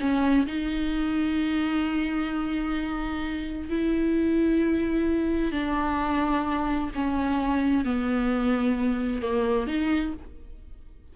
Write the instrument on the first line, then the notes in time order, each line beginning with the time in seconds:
viola
0.00 C#4
0.47 D#4
3.69 E4
5.52 D4
6.95 C#4
7.85 B3
9.22 A#3
9.67 D#4